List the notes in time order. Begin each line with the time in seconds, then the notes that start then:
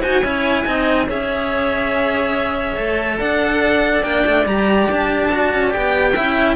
0.00 D#4 F#4 C5 G#5
0.22 C#4 E4 C#5
0.65 C4 D#4 D#5
1.07 C#4 G#4 C#5 E5
2.76 A3 A4
3.19 D4 D5 F#5
4.02 A#3 D4 G5
4.26 A3
4.45 G3 G4 A#5
4.90 D4 A5
5.31 F#4
5.53 C#4
5.70 B3 G4 G5
6.14 C#4 E4 E5